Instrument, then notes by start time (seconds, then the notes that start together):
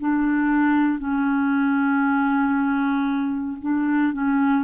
clarinet
0.00 D4
0.98 C#4
3.61 D4
4.13 C#4